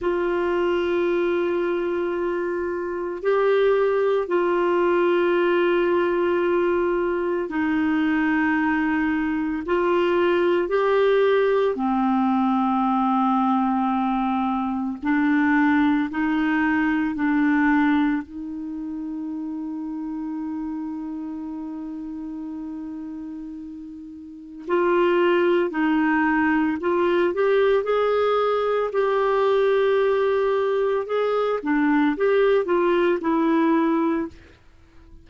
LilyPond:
\new Staff \with { instrumentName = "clarinet" } { \time 4/4 \tempo 4 = 56 f'2. g'4 | f'2. dis'4~ | dis'4 f'4 g'4 c'4~ | c'2 d'4 dis'4 |
d'4 dis'2.~ | dis'2. f'4 | dis'4 f'8 g'8 gis'4 g'4~ | g'4 gis'8 d'8 g'8 f'8 e'4 | }